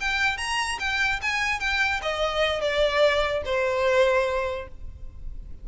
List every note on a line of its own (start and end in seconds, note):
0.00 0.37 G5
0.37 0.78 A#5
0.79 1.20 G5
1.22 1.60 G#5
1.60 2.01 G5
2.02 2.61 D#5
2.61 3.42 D5
3.45 4.67 C5